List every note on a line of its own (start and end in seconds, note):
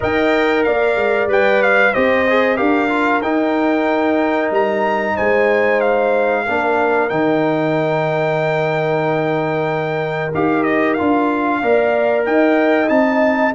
0.00 0.67 D#4
0.00 1.28 A#4
0.00 0.65 D#5
0.00 0.63 G5
0.63 0.96 A#3
0.63 1.93 D5
0.63 1.28 F5
0.96 1.27 G#3
1.27 1.91 G3
1.27 1.93 B4
1.27 1.62 G5
1.62 1.93 F5
1.93 2.60 C4
1.93 2.26 G4
1.93 2.56 C5
1.93 2.56 D#5
2.29 2.56 G#4
2.56 3.22 D4
2.56 2.88 G4
2.56 5.14 A#4
2.56 3.21 F5
2.88 3.21 F4
3.22 4.50 D#4
3.22 6.46 D#4
3.22 4.51 G5
4.50 5.15 G3
4.50 5.16 A#5
5.15 6.48 G#3
5.15 6.44 C5
5.15 5.80 G#5
5.80 7.09 F5
6.45 7.10 A#3
6.45 7.09 D4
6.45 11.61 A#4
7.09 10.33 D#3
7.09 10.32 D#4
7.09 10.31 G5
10.33 10.98 D#4
10.33 10.98 G4
10.33 10.63 F5
10.63 10.93 D#5
10.93 11.62 F4
10.93 12.22 F5
11.00 11.62 D4
11.62 12.26 A#3
11.62 12.88 A#4
11.62 12.26 D5
12.25 12.89 D#4
12.25 13.54 D#5
12.25 12.88 G5
12.88 13.54 C4
12.88 13.52 D#4
12.88 13.53 A5